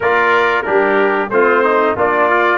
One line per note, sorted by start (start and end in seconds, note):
0.00 0.66 A#3
0.00 0.64 F4
0.00 0.65 A#4
0.00 0.62 D5
0.62 1.30 G3
0.62 1.29 D4
0.62 1.32 G4
0.62 1.27 A#4
1.30 1.95 A3
1.30 1.96 C4
1.30 1.64 F4
1.30 1.95 C5
1.64 1.96 D#4
1.96 2.58 A#3
1.96 2.30 D4
1.96 2.58 F4
1.96 2.58 D5
2.30 2.58 F4